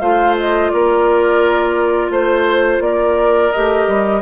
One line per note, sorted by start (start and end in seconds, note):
0.00 0.72 A3
0.00 3.54 F4
0.00 0.72 C5
0.00 0.35 F5
0.40 0.71 D#5
0.71 2.11 A#3
0.71 2.12 A#4
0.71 2.12 D5
2.11 2.80 A3
2.11 2.82 C5
2.11 2.83 C5
2.80 3.51 A#3
2.80 4.23 A#4
2.80 3.52 D5
3.52 3.88 A3
3.52 4.23 G4
3.52 4.23 D#5
3.88 4.23 G3